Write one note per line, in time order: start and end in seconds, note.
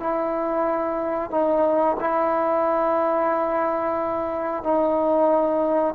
0.00 1.31 E4
1.31 1.97 D#4
2.00 4.63 E4
4.63 5.94 D#4